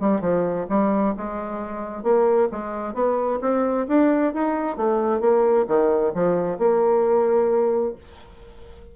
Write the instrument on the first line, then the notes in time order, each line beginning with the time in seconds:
bassoon
0.00 G3
0.21 F3
0.69 G3
1.17 G#3
2.03 A#3
2.52 G#3
2.94 B3
3.41 C4
3.88 D4
4.33 D#4
4.77 A3
5.20 A#3
5.68 D#3
6.14 F3
6.58 A#3